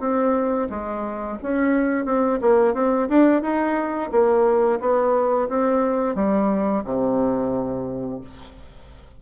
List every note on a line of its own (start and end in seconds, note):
0.00 0.68 C4
0.69 1.38 G#3
1.42 2.05 C#4
2.05 2.39 C4
2.41 2.74 A#3
2.74 3.08 C4
3.09 3.42 D4
3.42 4.10 D#4
4.11 4.79 A#3
4.80 5.48 B3
5.49 6.15 C4
6.15 6.83 G3
6.84 8.21 C3